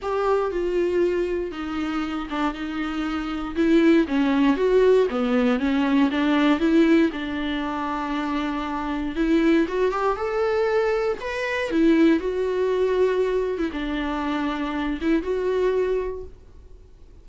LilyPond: \new Staff \with { instrumentName = "viola" } { \time 4/4 \tempo 4 = 118 g'4 f'2 dis'4~ | dis'8 d'8 dis'2 e'4 | cis'4 fis'4 b4 cis'4 | d'4 e'4 d'2~ |
d'2 e'4 fis'8 g'8 | a'2 b'4 e'4 | fis'2~ fis'8. e'16 d'4~ | d'4. e'8 fis'2 | }